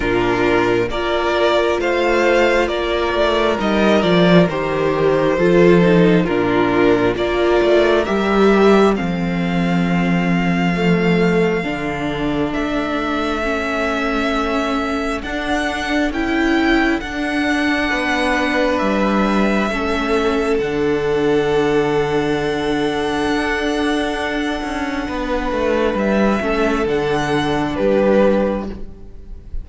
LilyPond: <<
  \new Staff \with { instrumentName = "violin" } { \time 4/4 \tempo 4 = 67 ais'4 d''4 f''4 d''4 | dis''8 d''8 c''2 ais'4 | d''4 e''4 f''2~ | f''2 e''2~ |
e''4 fis''4 g''4 fis''4~ | fis''4 e''2 fis''4~ | fis''1~ | fis''4 e''4 fis''4 b'4 | }
  \new Staff \with { instrumentName = "violin" } { \time 4/4 f'4 ais'4 c''4 ais'4~ | ais'2 a'4 f'4 | ais'2 a'2~ | a'1~ |
a'1 | b'2 a'2~ | a'1 | b'4. a'4. g'4 | }
  \new Staff \with { instrumentName = "viola" } { \time 4/4 d'4 f'2. | dis'8 f'8 g'4 f'8 dis'8 d'4 | f'4 g'4 c'2 | a4 d'2 cis'4~ |
cis'4 d'4 e'4 d'4~ | d'2 cis'4 d'4~ | d'1~ | d'4. cis'8 d'2 | }
  \new Staff \with { instrumentName = "cello" } { \time 4/4 ais,4 ais4 a4 ais8 a8 | g8 f8 dis4 f4 ais,4 | ais8 a8 g4 f2~ | f4 d4 a2~ |
a4 d'4 cis'4 d'4 | b4 g4 a4 d4~ | d2 d'4. cis'8 | b8 a8 g8 a8 d4 g4 | }
>>